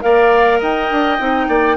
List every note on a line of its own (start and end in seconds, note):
0.00 0.61 A#3
0.00 1.18 A#4
0.00 0.59 D5
0.00 0.60 F5
0.59 0.90 D#4
0.59 1.47 D#5
0.59 1.76 G5
0.90 1.19 D4
1.19 1.48 C4
1.19 1.76 D#4
1.48 1.76 A#3
1.48 1.76 D5